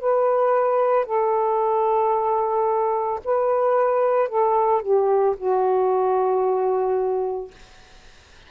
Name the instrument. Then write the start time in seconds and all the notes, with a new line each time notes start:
saxophone
0.00 B4
1.05 A4
3.24 B4
4.29 A4
4.82 G4
5.37 F#4